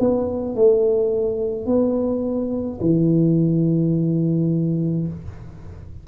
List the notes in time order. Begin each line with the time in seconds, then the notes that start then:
0.00 B3
0.56 A3
1.66 B3
2.81 E3